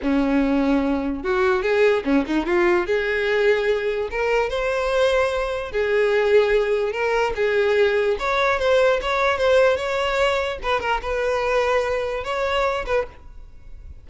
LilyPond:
\new Staff \with { instrumentName = "violin" } { \time 4/4 \tempo 4 = 147 cis'2. fis'4 | gis'4 cis'8 dis'8 f'4 gis'4~ | gis'2 ais'4 c''4~ | c''2 gis'2~ |
gis'4 ais'4 gis'2 | cis''4 c''4 cis''4 c''4 | cis''2 b'8 ais'8 b'4~ | b'2 cis''4. b'8 | }